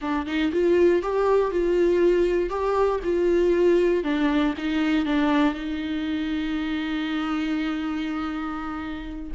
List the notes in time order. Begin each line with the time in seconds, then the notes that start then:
0.01 D4
0.26 D#4
0.52 F4
1.02 G4
1.51 F4
2.49 G4
3.03 F4
4.03 D4
4.57 D#4
5.05 D4
5.53 D#4